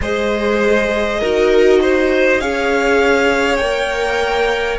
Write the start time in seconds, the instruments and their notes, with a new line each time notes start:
0.01 cello G#3, viola G#4, violin C5 D#5
1.19 cello D#4, viola F#4, violin A#4
1.81 violin C5
2.40 cello C#4, viola G#4, violin C#5 F5
3.56 cello A#3, viola A#4, violin G5